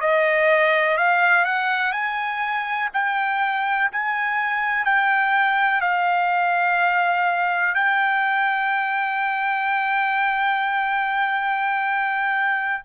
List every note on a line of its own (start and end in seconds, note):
0.00 0.97 D#5
0.97 1.45 F5
1.45 1.92 F#5
1.92 2.89 G#5
2.93 3.90 G5
3.91 4.85 G#5
4.85 5.81 G5
5.81 7.74 F5
7.74 12.82 G5